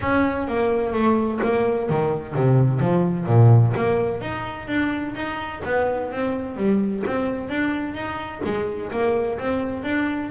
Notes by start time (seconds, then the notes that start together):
0.01 C#4
0.47 A#3
0.93 A3
1.43 A#3
1.89 D#3
2.35 C3
2.79 F3
3.26 A#2
3.75 A#3
4.21 D#4
4.67 D4
5.15 D#4
5.65 B3
6.11 C4
6.56 G3
7.06 C4
7.49 D4
7.94 D#4
8.44 G#3
8.91 A#3
9.38 C4
9.83 D4